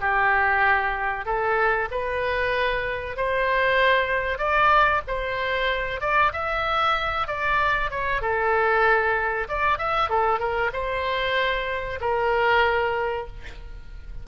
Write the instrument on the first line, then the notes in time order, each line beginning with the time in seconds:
oboe
0.00 G4
1.25 A4
1.91 B4
3.17 C5
4.38 D5
5.07 C5
6.01 D5
6.33 E5
7.27 D5
7.91 C#5
8.21 A4
9.49 D5
9.78 E5
10.09 A4
10.39 A#4
10.73 C5
12.01 A#4